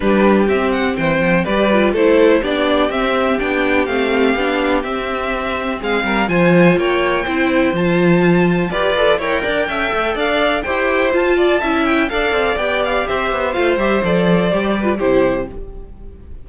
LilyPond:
<<
  \new Staff \with { instrumentName = "violin" } { \time 4/4 \tempo 4 = 124 b'4 e''8 fis''8 g''4 d''4 | c''4 d''4 e''4 g''4 | f''2 e''2 | f''4 gis''4 g''2 |
a''2 d''4 g''4~ | g''4 f''4 g''4 a''4~ | a''8 g''8 f''4 g''8 f''8 e''4 | f''8 e''8 d''2 c''4 | }
  \new Staff \with { instrumentName = "violin" } { \time 4/4 g'2 c''4 b'4 | a'4 g'2.~ | g'1 | gis'8 ais'8 c''4 cis''4 c''4~ |
c''2 b'4 cis''8 d''8 | e''4 d''4 c''4. d''8 | e''4 d''2 c''4~ | c''2~ c''8 b'8 g'4 | }
  \new Staff \with { instrumentName = "viola" } { \time 4/4 d'4 c'2 g'8 f'8 | e'4 d'4 c'4 d'4 | c'4 d'4 c'2~ | c'4 f'2 e'4 |
f'2 g'8 a'8 ais'4 | a'2 g'4 f'4 | e'4 a'4 g'2 | f'8 g'8 a'4 g'8. f'16 e'4 | }
  \new Staff \with { instrumentName = "cello" } { \time 4/4 g4 c'4 e8 f8 g4 | a4 b4 c'4 b4 | a4 b4 c'2 | gis8 g8 f4 ais4 c'4 |
f2 f'4 e'8 d'8 | cis'8 a8 d'4 e'4 f'4 | cis'4 d'8 c'8 b4 c'8 b8 | a8 g8 f4 g4 c4 | }
>>